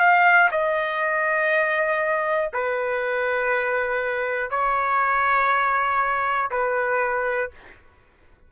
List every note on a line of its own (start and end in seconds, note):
0.00 0.50 F5
0.51 2.51 D#5
2.54 4.51 B4
4.51 6.51 C#5
6.51 7.51 B4